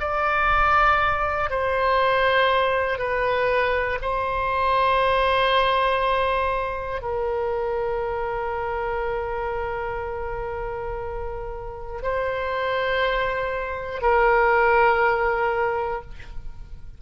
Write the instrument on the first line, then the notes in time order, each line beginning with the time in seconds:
oboe
0.00 D5
1.50 C5
2.99 B4
4.01 C5
7.02 A#4
12.03 C5
14.02 A#4